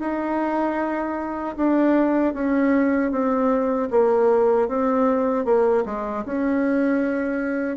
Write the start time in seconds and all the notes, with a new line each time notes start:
0.00 D#4
1.57 D4
2.34 C#4
3.11 C4
3.91 A#3
4.69 C4
5.45 A#3
5.85 G#3
6.26 C#4